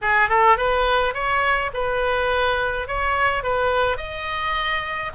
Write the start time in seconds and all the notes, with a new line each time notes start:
0.01 G#4
0.29 A4
0.57 B4
1.14 C#5
1.73 B4
2.87 C#5
3.43 B4
3.97 D#5